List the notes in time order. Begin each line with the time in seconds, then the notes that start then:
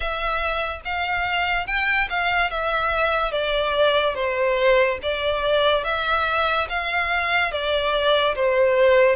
0.00 E5
0.84 F5
1.67 G5
2.09 F5
2.50 E5
3.31 D5
4.14 C5
5.02 D5
5.84 E5
6.69 F5
7.51 D5
8.35 C5